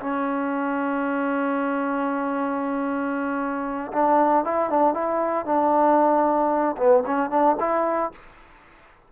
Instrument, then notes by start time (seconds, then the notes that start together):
trombone
0.00 C#4
3.92 D4
4.44 E4
4.70 D4
4.94 E4
5.45 D4
6.77 B3
7.06 C#4
7.30 D4
7.59 E4